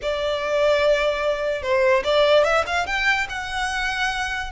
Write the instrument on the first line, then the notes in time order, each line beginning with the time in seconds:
violin
0.02 D5
1.62 C5
2.04 D5
2.44 E5
2.66 F5
2.86 G5
3.29 F#5